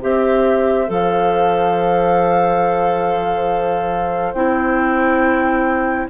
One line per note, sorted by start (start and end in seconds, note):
0.00 0.89 C4
0.00 0.87 G4
0.00 6.09 C5
0.00 0.89 E5
0.87 4.33 F3
0.87 4.35 A4
0.87 4.33 F5
4.33 6.07 C4
4.33 6.09 E4
4.33 6.07 G5